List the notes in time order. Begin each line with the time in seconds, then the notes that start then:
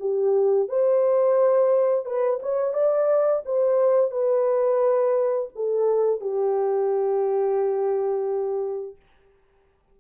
0.00 G4
0.69 C5
2.06 B4
2.43 C#5
2.74 D5
3.45 C5
4.11 B4
5.55 A4
6.21 G4